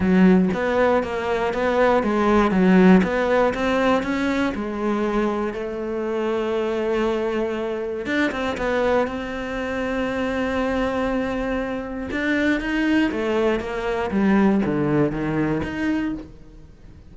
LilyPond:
\new Staff \with { instrumentName = "cello" } { \time 4/4 \tempo 4 = 119 fis4 b4 ais4 b4 | gis4 fis4 b4 c'4 | cis'4 gis2 a4~ | a1 |
d'8 c'8 b4 c'2~ | c'1 | d'4 dis'4 a4 ais4 | g4 d4 dis4 dis'4 | }